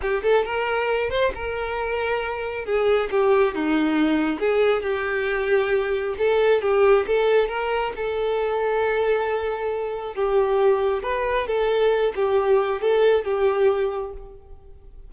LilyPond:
\new Staff \with { instrumentName = "violin" } { \time 4/4 \tempo 4 = 136 g'8 a'8 ais'4. c''8 ais'4~ | ais'2 gis'4 g'4 | dis'2 gis'4 g'4~ | g'2 a'4 g'4 |
a'4 ais'4 a'2~ | a'2. g'4~ | g'4 b'4 a'4. g'8~ | g'4 a'4 g'2 | }